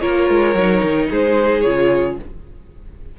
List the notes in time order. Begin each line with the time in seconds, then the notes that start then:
0.00 A#3 F4 A#4 C#5
0.29 G#3
0.54 F#3 D#4
0.82 D#3
1.09 G#3 G#4 C5
1.61 C#3 F4 C#5